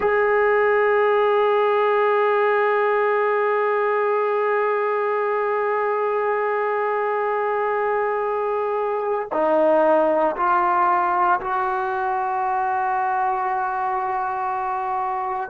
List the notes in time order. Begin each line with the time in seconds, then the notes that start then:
0.00 G#4
9.32 D#4
10.36 F4
11.40 F#4